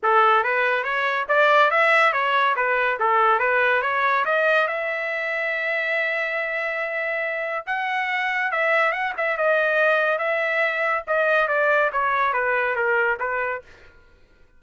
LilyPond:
\new Staff \with { instrumentName = "trumpet" } { \time 4/4 \tempo 4 = 141 a'4 b'4 cis''4 d''4 | e''4 cis''4 b'4 a'4 | b'4 cis''4 dis''4 e''4~ | e''1~ |
e''2 fis''2 | e''4 fis''8 e''8 dis''2 | e''2 dis''4 d''4 | cis''4 b'4 ais'4 b'4 | }